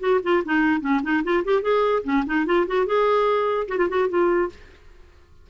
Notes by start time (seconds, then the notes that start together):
0.00 F#4
0.23 F4
0.45 D#4
0.81 C#4
1.03 D#4
1.24 F4
1.44 G4
1.62 G#4
2.04 C#4
2.26 D#4
2.46 F4
2.67 F#4
2.86 G#4
3.68 F#4
3.78 F4
3.89 F#4
4.09 F4